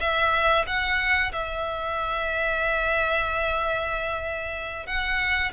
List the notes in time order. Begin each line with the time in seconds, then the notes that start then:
0.00 E5
0.67 F#5
1.33 E5
4.86 F#5